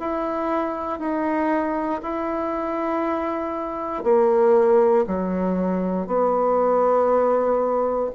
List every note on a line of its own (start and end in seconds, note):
0.00 0.99 E4
0.99 2.01 D#4
2.03 4.04 E4
4.04 5.06 A#3
5.07 6.07 F#3
6.07 8.11 B3